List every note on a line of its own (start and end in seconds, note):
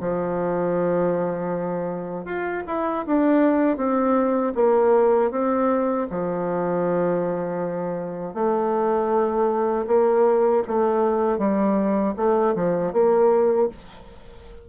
0.00 2.25 F3
2.25 2.63 F4
2.67 3.05 E4
3.07 3.77 D4
3.77 4.53 C4
4.55 5.31 A#3
5.31 6.07 C4
6.10 8.34 F3
8.34 9.86 A3
9.87 10.63 A#3
10.67 11.38 A3
11.38 12.14 G3
12.17 12.55 A3
12.55 12.93 F3
12.93 13.68 A#3